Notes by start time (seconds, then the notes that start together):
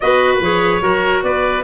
0.00 B3 F#4 B4 D#5
0.40 F3 G#4 C#5
0.81 F#3 F#4 A#4
1.22 B3 B4 D5